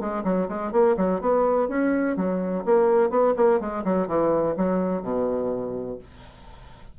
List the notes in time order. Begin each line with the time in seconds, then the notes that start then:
0.00 G#3
0.24 F#3
0.48 G#3
0.72 A#3
0.97 F#3
1.21 B3
1.69 C#4
2.17 F#3
2.66 A#3
3.10 B3
3.36 A#3
3.60 G#3
3.85 F#3
4.08 E3
4.57 F#3
5.03 B2